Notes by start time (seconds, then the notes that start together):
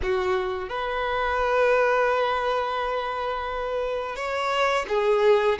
0.02 F#4
0.68 B4
4.15 C#5
4.88 G#4